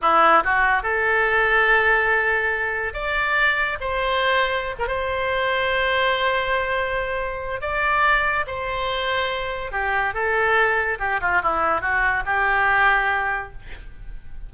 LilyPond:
\new Staff \with { instrumentName = "oboe" } { \time 4/4 \tempo 4 = 142 e'4 fis'4 a'2~ | a'2. d''4~ | d''4 c''2~ c''16 ais'16 c''8~ | c''1~ |
c''2 d''2 | c''2. g'4 | a'2 g'8 f'8 e'4 | fis'4 g'2. | }